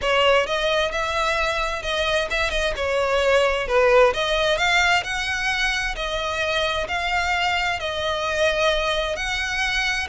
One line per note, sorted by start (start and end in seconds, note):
0.01 0.46 C#5
0.46 0.91 D#5
0.91 1.82 E5
1.82 2.28 D#5
2.30 2.50 E5
2.50 2.73 D#5
2.76 3.67 C#5
3.67 4.13 B4
4.13 4.57 D#5
4.57 5.03 F5
5.03 5.95 F#5
5.95 6.87 D#5
6.87 7.79 F5
7.79 9.16 D#5
9.16 10.07 F#5